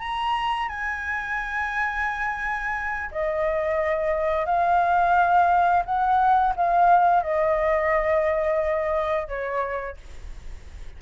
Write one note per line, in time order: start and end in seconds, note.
0.00 0.69 A#5
0.69 3.10 G#5
3.12 4.46 D#5
4.46 5.84 F5
5.86 6.55 F#5
6.56 7.23 F5
7.23 9.28 D#5
9.28 9.97 C#5